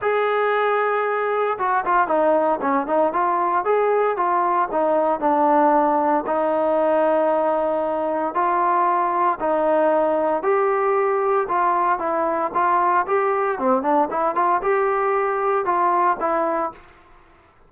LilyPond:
\new Staff \with { instrumentName = "trombone" } { \time 4/4 \tempo 4 = 115 gis'2. fis'8 f'8 | dis'4 cis'8 dis'8 f'4 gis'4 | f'4 dis'4 d'2 | dis'1 |
f'2 dis'2 | g'2 f'4 e'4 | f'4 g'4 c'8 d'8 e'8 f'8 | g'2 f'4 e'4 | }